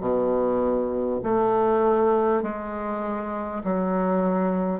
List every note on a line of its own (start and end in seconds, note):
0.00 1.20 B2
1.23 2.42 A3
2.42 3.62 G#3
3.64 4.80 F#3